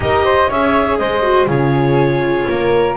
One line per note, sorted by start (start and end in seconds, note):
0.00 0.47 D#4
0.00 0.49 G4
0.00 0.24 A#4
0.00 0.51 D#5
0.24 0.48 C5
0.48 0.99 C#4
0.48 1.22 G#4
0.48 0.97 C#5
0.48 0.98 E5
0.98 1.47 G#3
0.98 1.48 C5
0.98 1.47 D#5
1.22 1.47 F#4
1.47 2.46 C#3
1.47 2.96 F4
1.47 2.47 G#4
1.47 2.96 C#5
2.49 2.96 A#3
2.49 2.96 A#4